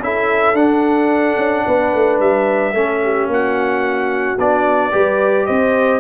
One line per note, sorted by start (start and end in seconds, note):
0.00 0.53 C#4
0.00 0.56 E4
0.00 1.66 A4
0.00 0.56 E5
0.53 1.35 D4
0.53 2.74 D4
0.53 2.20 F#5
1.37 1.65 C#4
1.66 1.94 B3
1.66 2.74 B4
1.94 2.20 A3
2.20 2.74 G3
2.20 3.30 E5
2.74 3.27 A3
2.74 4.39 C#4
2.74 3.01 A4
3.04 3.31 G4
3.27 4.37 A#3
3.27 4.93 F#4
3.27 4.39 F#5
4.39 4.93 B3
4.39 4.92 D4
4.39 5.46 D5
4.92 5.48 G3
4.92 6.01 G4
4.92 5.47 B4
5.46 6.01 C4
5.46 6.01 C5
5.46 6.01 D#5